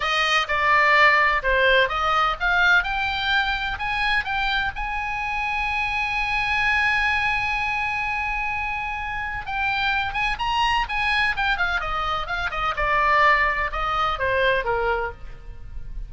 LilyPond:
\new Staff \with { instrumentName = "oboe" } { \time 4/4 \tempo 4 = 127 dis''4 d''2 c''4 | dis''4 f''4 g''2 | gis''4 g''4 gis''2~ | gis''1~ |
gis''1 | g''4. gis''8 ais''4 gis''4 | g''8 f''8 dis''4 f''8 dis''8 d''4~ | d''4 dis''4 c''4 ais'4 | }